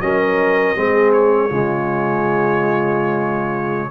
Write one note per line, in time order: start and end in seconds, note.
0.00 0.74 F#3
0.00 0.75 C#4
0.00 0.78 A#4
0.00 1.11 D#5
0.75 1.50 G#3
0.75 1.50 C4
0.75 1.48 G#4
1.12 3.90 C#5
1.48 3.90 C#3
1.48 3.90 G#3
1.48 3.89 F4